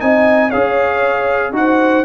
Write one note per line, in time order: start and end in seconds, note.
0.00 0.53 C4
0.00 0.51 D#4
0.00 0.50 D#5
0.00 0.51 G#5
0.50 1.53 C#4
0.50 1.53 G#4
0.50 1.52 C#5
0.50 1.54 F5
1.53 2.04 D#4
1.53 2.05 F#4
1.53 2.05 C5
1.53 2.05 F#5